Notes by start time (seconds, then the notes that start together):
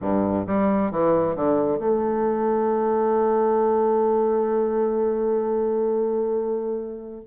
0.01 G2
0.47 G3
0.91 E3
1.35 D3
1.78 A3